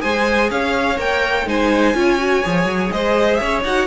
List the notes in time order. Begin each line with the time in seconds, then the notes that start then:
0.00 G#3 G#4 C5 G#5
0.50 C#4 C#5 F5
0.97 A#3 A#4 G5
1.46 G#3 D#4 C5 G#5
1.94 C#4 F4 C#5
2.18 F#4
2.44 F3 G#4
2.65 F#3
2.91 G#3 C5 D#5
3.35 C#4 C#5 E5
3.64 D#4 F#4 F#5